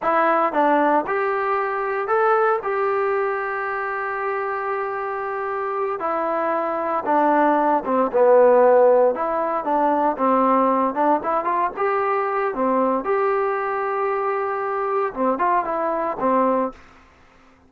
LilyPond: \new Staff \with { instrumentName = "trombone" } { \time 4/4 \tempo 4 = 115 e'4 d'4 g'2 | a'4 g'2.~ | g'2.~ g'8 e'8~ | e'4. d'4. c'8 b8~ |
b4. e'4 d'4 c'8~ | c'4 d'8 e'8 f'8 g'4. | c'4 g'2.~ | g'4 c'8 f'8 e'4 c'4 | }